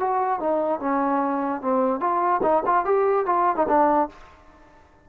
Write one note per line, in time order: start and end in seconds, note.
0.00 0.40 F#4
0.40 0.80 D#4
0.80 1.62 C#4
1.62 2.00 C4
2.00 2.41 F4
2.43 2.63 D#4
2.66 2.85 F4
2.85 3.26 G4
3.26 3.56 F4
3.56 3.67 D#4
3.68 4.09 D4